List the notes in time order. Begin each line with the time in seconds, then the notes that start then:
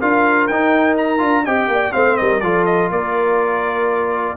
0.00 D4 F4 A#4 F5
0.48 D#4 G5
0.98 A#5
1.19 D4 F4
1.45 C4 G4 D#5 G5
1.68 A#3 D5
1.92 A3 C4 C5 F5
2.17 G3 A#4 D#5
2.41 F3 F4 A4 D5
2.66 D#5
2.91 A#3 A#4 D5